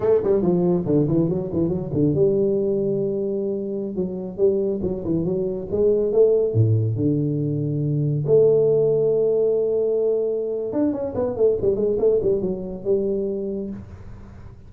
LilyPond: \new Staff \with { instrumentName = "tuba" } { \time 4/4 \tempo 4 = 140 a8 g8 f4 d8 e8 fis8 e8 | fis8 d8 g2.~ | g4~ g16 fis4 g4 fis8 e16~ | e16 fis4 gis4 a4 a,8.~ |
a,16 d2. a8.~ | a1~ | a4 d'8 cis'8 b8 a8 g8 gis8 | a8 g8 fis4 g2 | }